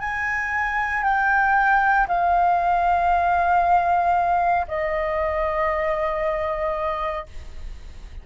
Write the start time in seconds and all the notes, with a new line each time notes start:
0.00 G#5
1.04 G5
2.08 F5
4.68 D#5